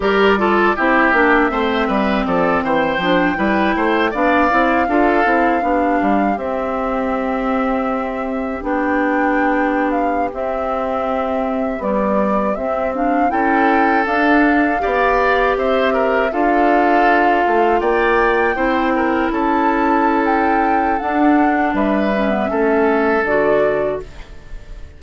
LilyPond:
<<
  \new Staff \with { instrumentName = "flute" } { \time 4/4 \tempo 4 = 80 d''4 e''2 d''8 g''8~ | g''4. f''2~ f''8~ | f''8 e''2. g''8~ | g''4~ g''16 f''8 e''2 d''16~ |
d''8. e''8 f''8 g''4 f''4~ f''16~ | f''8. e''4 f''2 g''16~ | g''4.~ g''16 a''4~ a''16 g''4 | fis''4 e''2 d''4 | }
  \new Staff \with { instrumentName = "oboe" } { \time 4/4 ais'8 a'8 g'4 c''8 b'8 a'8 c''8~ | c''8 b'8 c''8 d''4 a'4 g'8~ | g'1~ | g'1~ |
g'4.~ g'16 a'2 d''16~ | d''8. c''8 ais'8 a'2 d''16~ | d''8. c''8 ais'8 a'2~ a'16~ | a'4 b'4 a'2 | }
  \new Staff \with { instrumentName = "clarinet" } { \time 4/4 g'8 f'8 e'8 d'8 c'2 | d'8 e'4 d'8 e'8 f'8 e'8 d'8~ | d'8 c'2. d'8~ | d'4.~ d'16 c'2 g16~ |
g8. c'8 d'8 e'4 d'4 g'16~ | g'4.~ g'16 f'2~ f'16~ | f'8. e'2.~ e'16 | d'4. cis'16 b16 cis'4 fis'4 | }
  \new Staff \with { instrumentName = "bassoon" } { \time 4/4 g4 c'8 ais8 a8 g8 f8 e8 | f8 g8 a8 b8 c'8 d'8 c'8 b8 | g8 c'2. b8~ | b4.~ b16 c'2 b16~ |
b8. c'4 cis'4 d'4 b16~ | b8. c'4 d'4. a8 ais16~ | ais8. c'4 cis'2~ cis'16 | d'4 g4 a4 d4 | }
>>